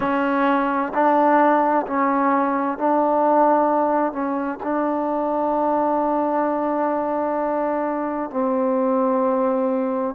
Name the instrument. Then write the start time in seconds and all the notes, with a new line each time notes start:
trombone
0.00 C#4
0.94 D4
1.87 C#4
2.77 D4
4.12 C#4
4.63 D4
8.30 C4